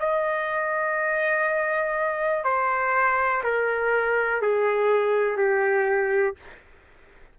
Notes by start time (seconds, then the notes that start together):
0.00 D#5
2.45 C5
3.44 A#4
4.42 G#4
5.37 G4